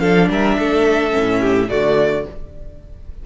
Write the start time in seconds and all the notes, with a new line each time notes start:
0.00 F3 D4 A4 F5
0.29 G3 A#4 E5
0.58 A3 A4
1.11 A2 C#4
1.41 G4
1.68 D3 A3 F#4 D5